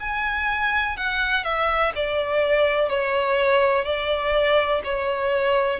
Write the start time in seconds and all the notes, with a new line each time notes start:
0.00 G#5
0.97 F#5
1.44 E5
1.95 D5
2.89 C#5
3.84 D5
4.84 C#5